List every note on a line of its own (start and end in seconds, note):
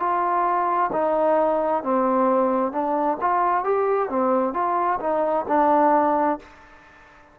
0.00 0.91 F4
0.93 1.83 D#4
1.84 2.73 C4
2.73 3.18 D4
3.21 3.64 F4
3.64 4.10 G4
4.10 4.54 C4
4.54 5.00 F4
5.01 5.46 D#4
5.49 6.40 D4